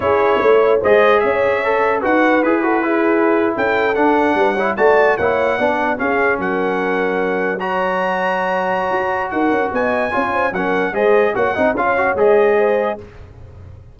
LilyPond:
<<
  \new Staff \with { instrumentName = "trumpet" } { \time 4/4 \tempo 4 = 148 cis''2 dis''4 e''4~ | e''4 fis''4 b'2~ | b'8. g''4 fis''2 a''16~ | a''8. fis''2 f''4 fis''16~ |
fis''2~ fis''8. ais''4~ ais''16~ | ais''2. fis''4 | gis''2 fis''4 dis''4 | fis''4 f''4 dis''2 | }
  \new Staff \with { instrumentName = "horn" } { \time 4/4 gis'4 cis''4 c''4 cis''4~ | cis''4 b'4. a'8 gis'4~ | gis'8. a'2 b'8 cis''8 d''16~ | d''8. cis''4 d''4 gis'4 ais'16~ |
ais'2~ ais'8. cis''4~ cis''16~ | cis''2. ais'4 | dis''4 cis''8 c''8 ais'4 c''4 | cis''8 dis''8 cis''2 c''4 | }
  \new Staff \with { instrumentName = "trombone" } { \time 4/4 e'2 gis'2 | a'4 fis'4 gis'8 fis'8 e'4~ | e'4.~ e'16 d'4. e'8 fis'16~ | fis'8. e'4 d'4 cis'4~ cis'16~ |
cis'2~ cis'8. fis'4~ fis'16~ | fis'1~ | fis'4 f'4 cis'4 gis'4 | fis'8 dis'8 f'8 fis'8 gis'2 | }
  \new Staff \with { instrumentName = "tuba" } { \time 4/4 cis'4 a4 gis4 cis'4~ | cis'4 dis'4 e'2~ | e'8. cis'4 d'4 g4 a16~ | a8. ais4 b4 cis'4 fis16~ |
fis1~ | fis2 fis'4 dis'8 cis'8 | b4 cis'4 fis4 gis4 | ais8 c'8 cis'4 gis2 | }
>>